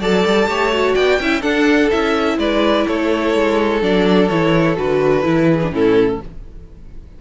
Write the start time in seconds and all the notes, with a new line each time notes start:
0.00 F#3 A4 D5 A5
0.26 G3
0.47 A3 G4 C#5
0.72 F#4
0.94 B3 D5 G5
1.20 C#4 E4 E5
1.41 D4 A4 F#5
1.90 C#4 E4 E5
2.38 G#3 B4 D5
2.87 A3 A4 C#5
3.34 G#3
3.81 F#3 D4 D5
4.28 E3 E4 C#5
4.76 D3 F#4 B4
5.23 E3 E4
5.49 G#4
5.63 D4
5.71 A2 C#4 E4 A4